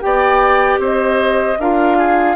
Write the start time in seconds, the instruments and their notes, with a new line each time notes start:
0.00 bassoon B3, clarinet G4, oboe D5, flute G5
0.78 bassoon C4, oboe C5, flute D#5
1.59 bassoon D4, clarinet F4, oboe A#4, flute F5
1.98 oboe G#4